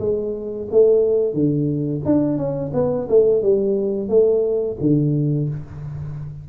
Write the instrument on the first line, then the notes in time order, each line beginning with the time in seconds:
tuba
0.00 G#3
0.72 A3
1.34 D3
2.06 D4
2.38 C#4
2.74 B3
3.09 A3
3.43 G3
4.09 A3
4.81 D3